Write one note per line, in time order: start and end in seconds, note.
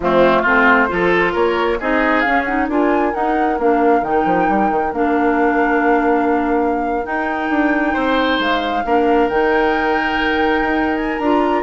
0.00 0.42 F3
0.00 0.46 A3
0.00 0.42 C4
0.00 0.45 F4
0.42 0.89 A3
0.42 0.88 C4
0.42 0.86 F4
0.42 1.35 C5
0.88 1.35 F3
0.88 1.78 F4
0.88 1.33 A4
1.33 1.79 A#3
1.33 1.77 A#4
1.33 1.79 C#5
1.80 2.24 C4
1.80 2.25 D#4
1.80 2.68 G#4
1.80 2.20 D#5
2.20 2.68 C#4
2.20 2.48 C#4
2.20 2.43 F5
2.44 2.69 D#4
2.44 2.66 F#5
2.68 3.13 D4
2.68 3.13 F4
2.68 7.93 A#4
2.68 3.14 G#5
3.13 3.58 D#4
3.13 3.58 F#5
3.58 4.02 A#3
3.58 4.03 D4
3.58 4.04 F5
4.02 4.24 D#3
4.02 4.92 D#4
4.02 4.93 G5
4.25 4.47 F3
4.48 4.70 G3
4.70 4.92 D#3
4.92 7.05 A#3
4.92 7.03 D4
4.92 7.05 F5
7.03 8.82 D#4
7.03 7.49 D#4
7.03 8.39 G5
7.49 7.94 D4
7.93 8.39 C4
7.93 8.82 C5
8.39 8.83 G#3
8.39 9.28 F5
8.84 9.29 A#3
8.84 9.30 D4
8.84 11.63 A#4
9.28 10.62 D#3
9.28 11.21 D#4
9.28 10.96 G5
10.62 11.18 D#4
10.96 11.18 G#5
11.18 11.63 D4
11.18 11.63 F4
11.18 11.63 A#5